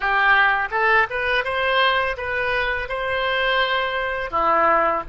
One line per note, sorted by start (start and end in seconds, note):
0.00 0.68 G4
0.70 1.06 A4
1.09 1.44 B4
1.44 2.16 C5
2.17 2.88 B4
2.88 4.30 C5
4.30 5.03 E4